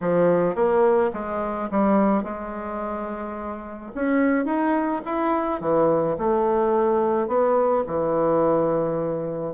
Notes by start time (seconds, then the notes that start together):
0.01 F3
0.55 A#3
1.13 G#3
1.70 G3
2.23 G#3
3.95 C#4
4.45 D#4
5.05 E4
5.60 E3
6.17 A3
7.27 B3
7.87 E3